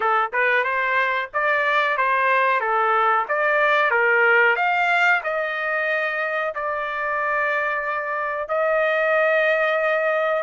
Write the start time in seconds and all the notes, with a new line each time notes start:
0.00 A4
0.33 B4
0.64 C5
1.33 D5
1.97 C5
2.60 A4
3.28 D5
3.90 A#4
4.56 F5
5.23 D#5
6.55 D5
8.48 D#5